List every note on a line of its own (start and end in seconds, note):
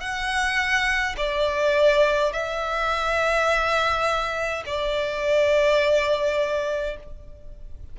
0.00 1.15 F#5
1.17 2.32 D5
2.32 4.63 E5
4.66 6.97 D5